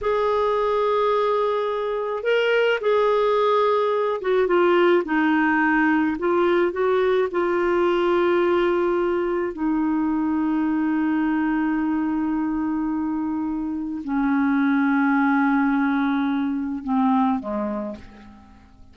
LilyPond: \new Staff \with { instrumentName = "clarinet" } { \time 4/4 \tempo 4 = 107 gis'1 | ais'4 gis'2~ gis'8 fis'8 | f'4 dis'2 f'4 | fis'4 f'2.~ |
f'4 dis'2.~ | dis'1~ | dis'4 cis'2.~ | cis'2 c'4 gis4 | }